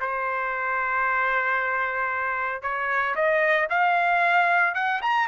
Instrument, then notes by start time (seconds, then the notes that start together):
trumpet
0.00 C5
2.62 C#5
3.15 D#5
3.69 F5
4.75 F#5
5.02 A#5